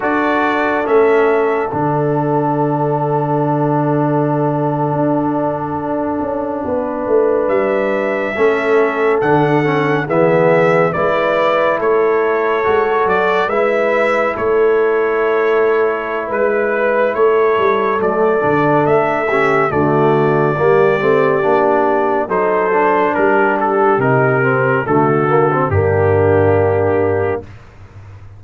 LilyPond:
<<
  \new Staff \with { instrumentName = "trumpet" } { \time 4/4 \tempo 4 = 70 d''4 e''4 fis''2~ | fis''1~ | fis''8. e''2 fis''4 e''16~ | e''8. d''4 cis''4. d''8 e''16~ |
e''8. cis''2~ cis''16 b'4 | cis''4 d''4 e''4 d''4~ | d''2 c''4 ais'8 a'8 | ais'4 a'4 g'2 | }
  \new Staff \with { instrumentName = "horn" } { \time 4/4 a'1~ | a'2.~ a'8. b'16~ | b'4.~ b'16 a'2 gis'16~ | gis'8. b'4 a'2 b'16~ |
b'8. a'2~ a'16 b'4 | a'2~ a'8 g'8 fis'4 | g'2 a'4 g'4~ | g'4 fis'4 d'2 | }
  \new Staff \with { instrumentName = "trombone" } { \time 4/4 fis'4 cis'4 d'2~ | d'1~ | d'4.~ d'16 cis'4 d'8 cis'8 b16~ | b8. e'2 fis'4 e'16~ |
e'1~ | e'4 a8 d'4 cis'8 a4 | ais8 c'8 d'4 dis'8 d'4. | dis'8 c'8 a8 ais16 c'16 ais2 | }
  \new Staff \with { instrumentName = "tuba" } { \time 4/4 d'4 a4 d2~ | d4.~ d16 d'4. cis'8 b16~ | b16 a8 g4 a4 d4 e16~ | e8. gis4 a4 gis8 fis8 gis16~ |
gis8. a2~ a16 gis4 | a8 g8 fis8 d8 a4 d4 | g8 a8 ais4 fis4 g4 | c4 d4 g,2 | }
>>